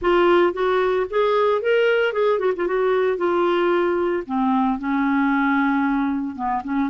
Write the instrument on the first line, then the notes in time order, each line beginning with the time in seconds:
clarinet
0.01 F4
0.53 F#4
1.10 G#4
1.61 A#4
2.12 G#4
2.39 F#4
2.55 F4
2.67 F#4
3.17 F4
4.26 C4
4.78 C#4
6.35 B3
6.64 C#4